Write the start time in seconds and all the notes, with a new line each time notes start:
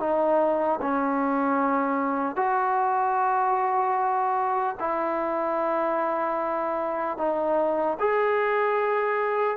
0.00 D#4
0.82 C#4
2.37 F#4
4.80 E4
7.18 D#4
8.00 G#4